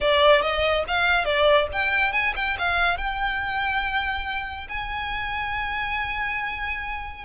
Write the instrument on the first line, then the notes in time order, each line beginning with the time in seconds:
violin
0.00 D5
0.41 D#5
0.87 F5
1.24 D5
1.72 G5
2.12 G#5
2.36 G5
2.58 F5
2.97 G5
4.68 G#5